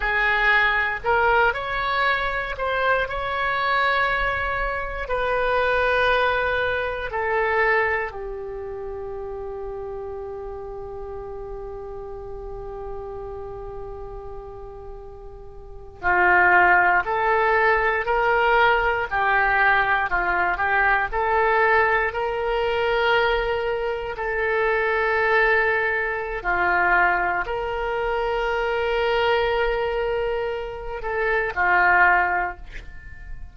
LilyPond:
\new Staff \with { instrumentName = "oboe" } { \time 4/4 \tempo 4 = 59 gis'4 ais'8 cis''4 c''8 cis''4~ | cis''4 b'2 a'4 | g'1~ | g'2.~ g'8. f'16~ |
f'8. a'4 ais'4 g'4 f'16~ | f'16 g'8 a'4 ais'2 a'16~ | a'2 f'4 ais'4~ | ais'2~ ais'8 a'8 f'4 | }